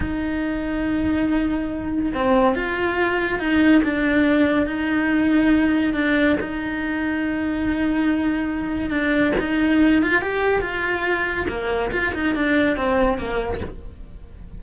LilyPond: \new Staff \with { instrumentName = "cello" } { \time 4/4 \tempo 4 = 141 dis'1~ | dis'4 c'4 f'2 | dis'4 d'2 dis'4~ | dis'2 d'4 dis'4~ |
dis'1~ | dis'4 d'4 dis'4. f'8 | g'4 f'2 ais4 | f'8 dis'8 d'4 c'4 ais4 | }